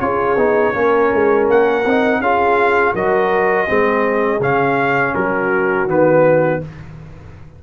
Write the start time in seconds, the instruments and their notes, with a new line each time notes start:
0.00 tuba C#4, trombone F4, horn G#4, trumpet C#5
0.36 tuba B3, trombone D#4
0.74 tuba A#3, trombone C#4, horn A#4
1.14 tuba G#3
1.50 tuba A#3, trumpet F#5
1.85 tuba C4, trombone D#4
2.20 tuba C#4, trombone F4, horn G#4, trumpet F5
2.94 tuba F#3, trombone F#4, horn A#4, trumpet D#5
3.67 tuba G#3, trombone C4, horn G#4
4.40 tuba C#3, trombone C#4, trumpet F5
5.14 tuba F#3, horn F#4, trumpet A#4
5.86 tuba D#3, trombone B3, trumpet B4